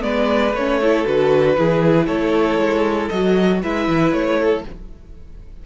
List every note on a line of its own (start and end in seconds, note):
0.00 0.54 G#3
0.00 0.51 B3
0.00 0.80 B4
0.00 0.54 D5
0.54 1.05 A3
0.54 0.83 C#4
0.54 1.06 C#5
0.80 1.06 E4
0.80 1.57 A4
1.06 1.58 D3
1.06 1.57 F#4
1.06 2.06 B4
1.57 2.08 E3
1.57 3.11 E4
1.57 2.07 G#4
2.06 2.58 A3
2.06 3.60 A4
2.06 3.09 C#5
2.58 3.10 G#3
3.09 3.64 F#3
3.09 3.64 F#4
3.09 3.60 D#5
3.62 3.88 G#3
3.62 4.66 E4
3.62 4.39 B4
3.62 4.13 E5
3.88 4.13 E3
4.13 4.64 A3
4.13 4.64 C#5
4.39 4.65 A4